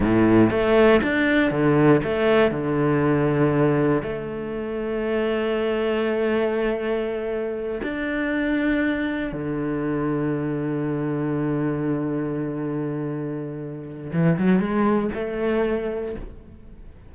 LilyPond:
\new Staff \with { instrumentName = "cello" } { \time 4/4 \tempo 4 = 119 a,4 a4 d'4 d4 | a4 d2. | a1~ | a2.~ a8 d'8~ |
d'2~ d'8 d4.~ | d1~ | d1 | e8 fis8 gis4 a2 | }